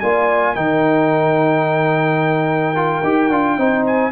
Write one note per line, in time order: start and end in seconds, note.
0.00 0.57 A#3
0.00 0.55 F4
0.00 0.56 D5
0.00 0.55 G#5
0.55 3.04 D#3
0.55 2.75 D#4
0.55 3.58 A#4
0.55 3.86 G5
2.75 3.03 F4
3.04 3.30 D#4
3.04 3.32 G4
3.30 3.58 D4
3.30 3.58 F4
3.58 4.12 C4
3.58 4.12 D#4
3.58 4.12 C5
3.86 4.12 G#5